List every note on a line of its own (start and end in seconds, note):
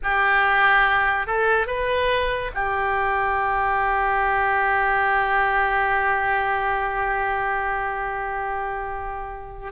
0.03 1.26 G4
1.26 1.66 A4
1.66 2.51 B4
2.54 9.72 G4